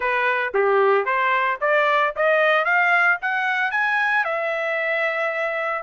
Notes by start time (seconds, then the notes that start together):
0.00 B4
0.53 G4
1.05 C5
1.60 D5
2.16 D#5
2.64 F5
3.21 F#5
3.71 G#5
4.24 E5